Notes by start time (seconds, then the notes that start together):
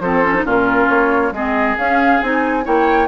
0.00 F3 C4 A4 C5
0.24 C#4
0.35 D#4
0.45 A#2 C#4 F4 A#4
0.89 A#3 C#5
1.32 G#3 C4 G#4 D#5
1.78 C#4 F5
2.22 C4 D#4 G#5
2.64 A#3 E4 C#5 G5